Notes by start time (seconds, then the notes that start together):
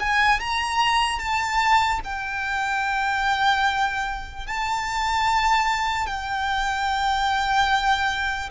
0.00 G#5
0.40 A#5
1.19 A5
2.04 G5
4.47 A5
6.07 G5